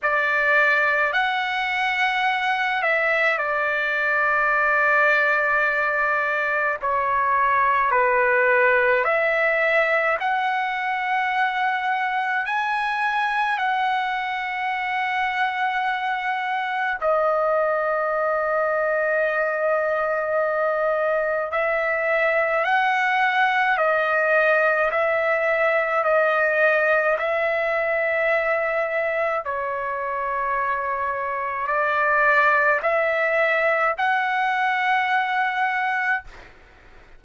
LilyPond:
\new Staff \with { instrumentName = "trumpet" } { \time 4/4 \tempo 4 = 53 d''4 fis''4. e''8 d''4~ | d''2 cis''4 b'4 | e''4 fis''2 gis''4 | fis''2. dis''4~ |
dis''2. e''4 | fis''4 dis''4 e''4 dis''4 | e''2 cis''2 | d''4 e''4 fis''2 | }